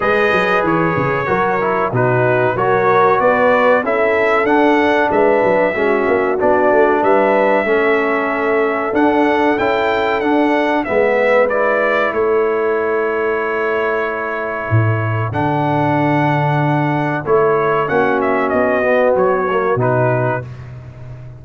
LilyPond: <<
  \new Staff \with { instrumentName = "trumpet" } { \time 4/4 \tempo 4 = 94 dis''4 cis''2 b'4 | cis''4 d''4 e''4 fis''4 | e''2 d''4 e''4~ | e''2 fis''4 g''4 |
fis''4 e''4 d''4 cis''4~ | cis''1 | fis''2. cis''4 | fis''8 e''8 dis''4 cis''4 b'4 | }
  \new Staff \with { instrumentName = "horn" } { \time 4/4 b'2 ais'4 fis'4 | ais'4 b'4 a'2 | b'4 fis'2 b'4 | a'1~ |
a'4 b'2 a'4~ | a'1~ | a'1 | fis'1 | }
  \new Staff \with { instrumentName = "trombone" } { \time 4/4 gis'2 fis'8 e'8 dis'4 | fis'2 e'4 d'4~ | d'4 cis'4 d'2 | cis'2 d'4 e'4 |
d'4 b4 e'2~ | e'1 | d'2. e'4 | cis'4. b4 ais8 dis'4 | }
  \new Staff \with { instrumentName = "tuba" } { \time 4/4 gis8 fis8 e8 cis8 fis4 b,4 | fis4 b4 cis'4 d'4 | gis8 fis8 gis8 ais8 b8 a8 g4 | a2 d'4 cis'4 |
d'4 gis2 a4~ | a2. a,4 | d2. a4 | ais4 b4 fis4 b,4 | }
>>